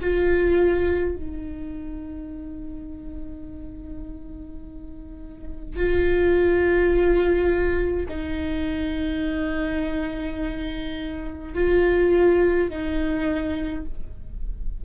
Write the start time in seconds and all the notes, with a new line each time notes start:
0.00 F4
1.15 D#4
5.76 F4
8.08 D#4
11.54 F4
12.69 D#4